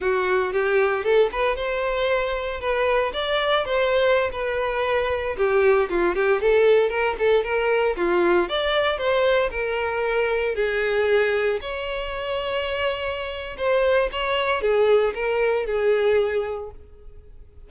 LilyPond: \new Staff \with { instrumentName = "violin" } { \time 4/4 \tempo 4 = 115 fis'4 g'4 a'8 b'8 c''4~ | c''4 b'4 d''4 c''4~ | c''16 b'2 g'4 f'8 g'16~ | g'16 a'4 ais'8 a'8 ais'4 f'8.~ |
f'16 d''4 c''4 ais'4.~ ais'16~ | ais'16 gis'2 cis''4.~ cis''16~ | cis''2 c''4 cis''4 | gis'4 ais'4 gis'2 | }